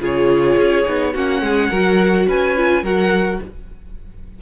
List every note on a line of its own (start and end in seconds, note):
0.00 0.57 C#3
0.00 0.85 F4
0.00 1.13 G#4
0.00 1.16 C#5
0.58 0.86 C#4
0.85 1.15 B3
0.85 1.13 D#4
1.13 1.42 A#3
1.13 1.72 C#4
1.13 1.42 F#4
1.13 2.29 F#5
1.42 1.70 G#3
1.42 1.70 G#4
1.70 2.28 F#3
1.70 2.57 F#4
1.70 2.27 A#4
2.28 2.83 C#4
2.28 2.83 B4
2.28 2.85 G#5
2.57 2.84 F4
2.83 3.39 F#3
2.83 3.41 F#4
2.83 3.40 A#4
2.83 3.42 F#5